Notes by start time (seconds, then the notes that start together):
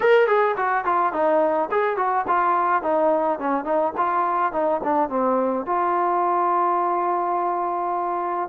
0.00 A#4
0.27 G#4
0.56 F#4
0.85 F4
1.12 D#4
1.71 G#4
1.97 F#4
2.27 F4
2.82 D#4
3.39 C#4
3.64 D#4
3.97 F4
4.52 D#4
4.83 D4
5.09 C4
5.66 F4